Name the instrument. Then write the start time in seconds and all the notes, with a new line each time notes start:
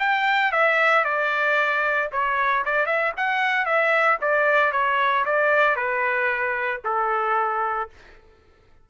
trumpet
0.00 G5
0.52 E5
1.05 D5
2.12 C#5
2.66 D5
2.86 E5
3.17 F#5
3.66 E5
4.22 D5
4.72 C#5
5.25 D5
5.76 B4
6.85 A4